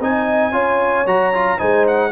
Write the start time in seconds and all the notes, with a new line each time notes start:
0.00 C4 D#4 D#5 G#5
0.53 C#4 F4 C#5
1.06 F#3 F#4 A#5
1.34 F4
1.58 G#3 D#4 C5 G#5
1.88 F#5